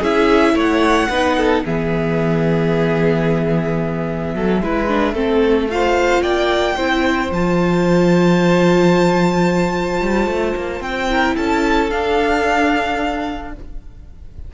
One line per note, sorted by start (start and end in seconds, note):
0.00 0.55 C#4
0.00 1.11 E4
0.00 0.54 G#4
0.00 0.58 E5
0.55 1.09 A3
0.55 1.09 C#5
0.55 1.66 F#5
1.10 1.64 B3
1.10 1.66 D#4
1.10 1.37 B4
1.37 1.64 A4
1.65 4.35 E3
1.65 4.63 B3
1.65 4.35 G#4
1.65 5.71 E5
4.35 4.62 F#3
4.35 4.62 A4
4.62 5.14 G#3
4.62 4.89 E4
4.62 5.15 B4
4.89 5.15 D4
5.14 6.22 A3
5.14 5.69 C4
5.14 5.69 A4
5.71 6.79 F4
5.71 6.23 C5
5.71 6.23 F5
6.23 6.77 A#3
6.23 6.76 D5
6.23 7.31 G5
6.76 7.31 C4
6.76 7.33 E4
6.76 11.09 C5
7.31 10.01 F3
7.31 11.10 F4
7.31 10.82 A5
10.01 10.27 G3
10.27 10.54 A3
10.56 10.81 A#3
10.81 11.35 C4
10.81 11.36 G5
11.10 11.90 E4
11.10 11.36 A#4
11.36 11.92 C#4
11.36 13.52 A4
11.36 11.91 A5
11.90 13.52 D4
11.90 13.54 D4
11.90 13.53 F5